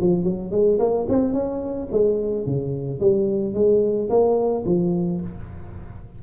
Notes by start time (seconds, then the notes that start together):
0.00 F3
0.23 F#3
0.51 G#3
0.79 A#3
1.09 C4
1.33 C#4
1.92 G#3
2.46 C#3
3.00 G3
3.54 G#3
4.09 A#3
4.65 F3